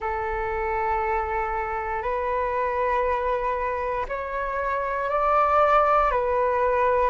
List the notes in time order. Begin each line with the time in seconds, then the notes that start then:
0.00 A4
2.02 B4
4.08 C#5
5.09 D5
6.11 B4